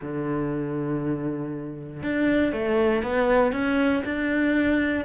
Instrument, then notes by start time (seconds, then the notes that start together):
cello
0.01 D3
2.02 D4
2.52 A3
3.03 B3
3.52 C#4
4.05 D4